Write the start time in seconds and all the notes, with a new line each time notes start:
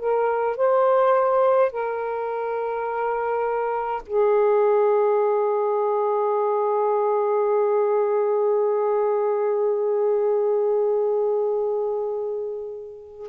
0.00 A#4
0.57 C5
1.72 A#4
4.07 G#4